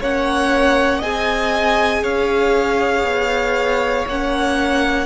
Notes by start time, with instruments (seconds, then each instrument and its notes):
0.00 cello A#3, viola C#4, violin C#5 F#5
0.98 cello C4, viola G#4, violin D#5 G#5
2.03 cello C#4, violin C#5 F5
3.03 cello B3
4.07 cello A#3, viola C#4, violin F#5